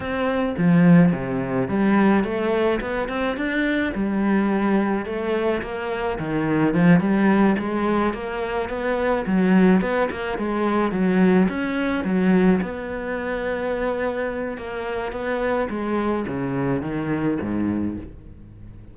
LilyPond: \new Staff \with { instrumentName = "cello" } { \time 4/4 \tempo 4 = 107 c'4 f4 c4 g4 | a4 b8 c'8 d'4 g4~ | g4 a4 ais4 dis4 | f8 g4 gis4 ais4 b8~ |
b8 fis4 b8 ais8 gis4 fis8~ | fis8 cis'4 fis4 b4.~ | b2 ais4 b4 | gis4 cis4 dis4 gis,4 | }